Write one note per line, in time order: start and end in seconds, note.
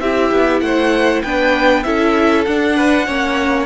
0.00 0.31 C4
0.00 1.26 E4
0.00 0.63 G4
0.00 0.60 E5
0.32 0.61 B3
0.60 1.22 A3
0.60 1.23 C5
0.60 1.22 F#5
1.23 1.86 B3
1.23 1.85 D4
1.23 1.84 B4
1.23 1.83 G5
1.83 2.47 C#4
1.83 2.46 E4
1.83 2.76 A4
1.83 2.44 E5
2.45 3.08 D4
2.45 3.07 D4
2.45 3.66 F#5
2.76 3.06 B4
3.06 3.66 A#3
3.06 3.66 C#4
3.06 3.66 C#5